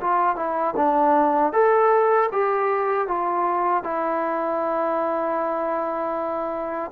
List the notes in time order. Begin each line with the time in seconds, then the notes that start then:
0.00 F4
0.36 E4
0.76 D4
1.52 A4
2.32 G4
3.07 F4
3.83 E4